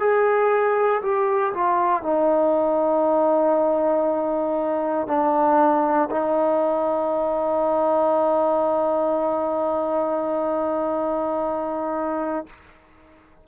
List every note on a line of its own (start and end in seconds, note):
0.00 1.02 G#4
1.02 1.53 G4
1.54 2.03 F4
2.03 5.08 D#4
5.08 6.09 D4
6.11 12.46 D#4